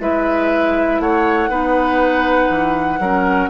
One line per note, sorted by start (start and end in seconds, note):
0.00 1.00 G#3
0.00 1.50 E4
0.00 1.02 B4
0.00 1.01 E5
1.00 1.49 A3
1.00 1.50 C#5
1.00 3.50 F#5
1.49 2.49 B3
1.49 3.00 D#4
1.49 3.00 B4
2.50 3.00 E3
3.00 3.50 F#3
3.00 3.50 C#4
3.00 3.50 A#4